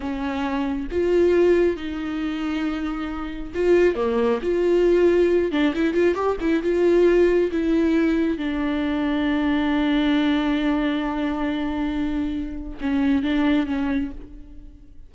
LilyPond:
\new Staff \with { instrumentName = "viola" } { \time 4/4 \tempo 4 = 136 cis'2 f'2 | dis'1 | f'4 ais4 f'2~ | f'8 d'8 e'8 f'8 g'8 e'8 f'4~ |
f'4 e'2 d'4~ | d'1~ | d'1~ | d'4 cis'4 d'4 cis'4 | }